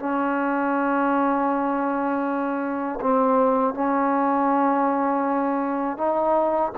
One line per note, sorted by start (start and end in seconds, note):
0.00 3.00 C#4
3.01 3.75 C4
3.75 5.98 C#4
5.98 6.73 D#4